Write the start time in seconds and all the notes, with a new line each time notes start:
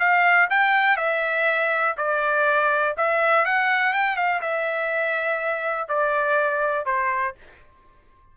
0.00 F5
0.51 G5
0.97 E5
1.97 D5
2.98 E5
3.46 F#5
3.93 G5
4.17 F5
4.42 E5
5.89 D5
6.86 C5